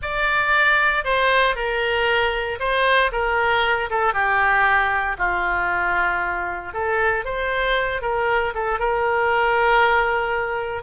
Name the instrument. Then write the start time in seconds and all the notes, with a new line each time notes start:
oboe
0.02 D5
1.04 C5
1.55 A#4
2.59 C5
3.12 A#4
3.90 A4
4.13 G4
5.18 F4
6.73 A4
7.24 C5
8.01 A#4
8.54 A4
8.79 A#4